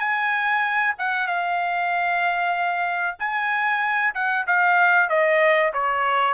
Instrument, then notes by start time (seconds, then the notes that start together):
trumpet
0.00 G#5
0.98 F#5
1.28 F5
3.20 G#5
4.15 F#5
4.47 F5
5.10 D#5
5.74 C#5